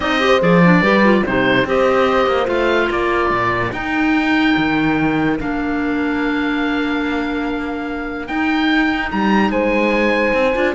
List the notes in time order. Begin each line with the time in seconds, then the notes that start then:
0.00 C4 D#4 D5 D#5
0.19 G4 C5
0.40 F3 G#4 D5
0.64 D4
0.80 G3 G4 B4
1.04 F4
1.25 C3 D#4 G4 C5
1.64 C4 G4 C5 D#5
2.26 A#3
2.45 A3 F4 F5
2.90 A#3 A#4 D5
3.30 A#2
3.72 D#4 G5
4.56 D#3
5.38 A#3 D4 F5
8.27 D#4 G5
9.11 G3 A#5
9.49 G#3 C5 G#5
10.33 C4
10.55 D4 F4